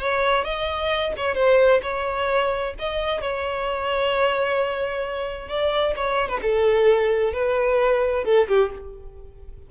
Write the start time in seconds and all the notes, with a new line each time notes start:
0.00 C#5
0.44 D#5
1.17 C#5
1.35 C5
1.82 C#5
2.79 D#5
3.21 C#5
5.48 D5
5.96 C#5
6.29 B4
6.42 A4
7.33 B4
8.24 A4
8.48 G4